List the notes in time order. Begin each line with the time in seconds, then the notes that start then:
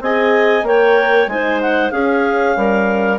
0.00 C4 G#4 D#5 G#5
0.62 A#3 A#4 C#5 G5
1.27 G#3 D#4 C5 G#5
1.61 F#5
1.90 C#4 G#4 F5
2.56 G3 A#4